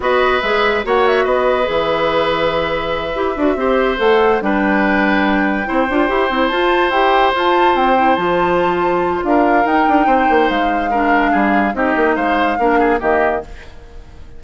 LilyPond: <<
  \new Staff \with { instrumentName = "flute" } { \time 4/4 \tempo 4 = 143 dis''4 e''4 fis''8 e''8 dis''4 | e''1~ | e''4. fis''4 g''4.~ | g''2.~ g''8 a''8~ |
a''8 g''4 a''4 g''4 a''8~ | a''2 f''4 g''4~ | g''4 f''2. | dis''4 f''2 dis''4 | }
  \new Staff \with { instrumentName = "oboe" } { \time 4/4 b'2 cis''4 b'4~ | b'1~ | b'8 c''2 b'4.~ | b'4. c''2~ c''8~ |
c''1~ | c''2 ais'2 | c''2 ais'4 gis'4 | g'4 c''4 ais'8 gis'8 g'4 | }
  \new Staff \with { instrumentName = "clarinet" } { \time 4/4 fis'4 gis'4 fis'2 | gis'2.~ gis'8 g'8 | fis'8 g'4 a'4 d'4.~ | d'4. e'8 f'8 g'8 e'8 f'8~ |
f'8 g'4 f'4. e'8 f'8~ | f'2. dis'4~ | dis'2 d'2 | dis'2 d'4 ais4 | }
  \new Staff \with { instrumentName = "bassoon" } { \time 4/4 b4 gis4 ais4 b4 | e2.~ e8 e'8 | d'8 c'4 a4 g4.~ | g4. c'8 d'8 e'8 c'8 f'8~ |
f'8 e'4 f'4 c'4 f8~ | f2 d'4 dis'8 d'8 | c'8 ais8 gis2 g4 | c'8 ais8 gis4 ais4 dis4 | }
>>